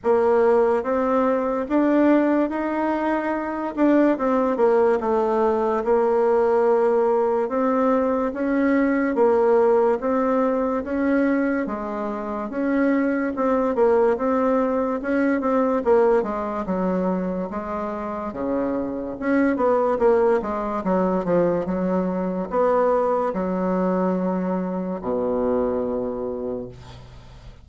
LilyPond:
\new Staff \with { instrumentName = "bassoon" } { \time 4/4 \tempo 4 = 72 ais4 c'4 d'4 dis'4~ | dis'8 d'8 c'8 ais8 a4 ais4~ | ais4 c'4 cis'4 ais4 | c'4 cis'4 gis4 cis'4 |
c'8 ais8 c'4 cis'8 c'8 ais8 gis8 | fis4 gis4 cis4 cis'8 b8 | ais8 gis8 fis8 f8 fis4 b4 | fis2 b,2 | }